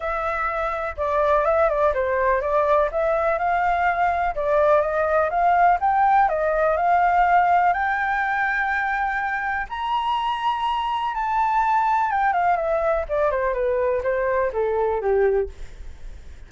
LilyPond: \new Staff \with { instrumentName = "flute" } { \time 4/4 \tempo 4 = 124 e''2 d''4 e''8 d''8 | c''4 d''4 e''4 f''4~ | f''4 d''4 dis''4 f''4 | g''4 dis''4 f''2 |
g''1 | ais''2. a''4~ | a''4 g''8 f''8 e''4 d''8 c''8 | b'4 c''4 a'4 g'4 | }